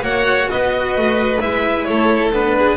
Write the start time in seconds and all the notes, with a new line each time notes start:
0.00 A#3 F#4 C#5 F#5
0.50 B3 B4 D#5
0.97 A3
1.40 G#3 E4 E5
1.84 A3 A4 C#5
2.32 B3 D4 B4
2.58 G#4